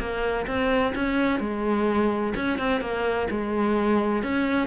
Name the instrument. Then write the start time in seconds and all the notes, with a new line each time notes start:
cello
0.00 A#3
0.48 C4
0.95 C#4
1.40 G#3
2.37 C#4
2.59 C4
2.81 A#3
3.31 G#3
4.23 C#4